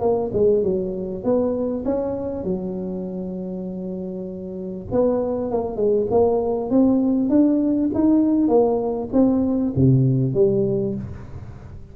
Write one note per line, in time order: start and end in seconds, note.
0.00 0.30 A#3
0.33 0.63 G#3
0.63 1.23 F#3
1.23 1.84 B3
1.85 2.44 C#4
2.44 4.86 F#3
4.91 5.51 B3
5.51 5.76 A#3
5.76 6.06 G#3
6.10 6.70 A#3
6.70 7.29 C4
7.29 7.90 D4
7.94 8.48 D#4
8.48 9.09 A#3
9.12 9.73 C4
9.76 10.34 C3
10.34 10.94 G3